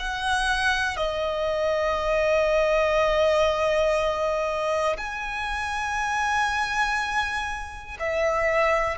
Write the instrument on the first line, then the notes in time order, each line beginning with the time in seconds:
violin
0.00 F#5
0.97 D#5
4.98 G#5
8.00 E5